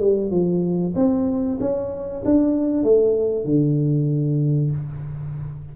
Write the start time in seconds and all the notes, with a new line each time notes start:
0.00 G3
0.31 F3
0.96 C4
1.60 C#4
2.25 D4
2.84 A3
3.45 D3